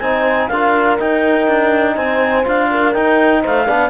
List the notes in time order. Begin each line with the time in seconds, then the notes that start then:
0.00 C4 D#4 C5 G#5
0.48 D4 F4 A#4 F5
0.99 D#4 G5
1.48 D4
1.95 C4 C5 G#5
2.44 D4 F4 F5
2.71 A#4
2.93 D#4 G5
3.41 A3 C5 F5
3.66 B3 D4 D5